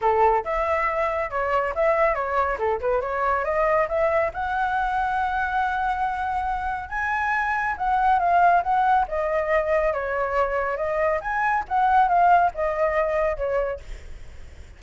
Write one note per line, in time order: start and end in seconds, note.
0.01 0.44 A4
0.44 1.30 E5
1.30 1.73 C#5
1.75 2.14 E5
2.14 2.57 C#5
2.58 2.80 A4
2.80 3.01 B4
3.01 3.44 C#5
3.44 3.87 D#5
3.88 4.31 E5
4.33 6.89 F#5
6.89 7.75 G#5
7.77 8.19 F#5
8.19 8.62 F5
8.63 9.06 F#5
9.08 9.93 D#5
9.93 10.77 C#5
10.77 11.20 D#5
11.21 11.64 G#5
11.68 12.08 F#5
12.08 12.51 F5
12.54 13.37 D#5
13.37 13.80 C#5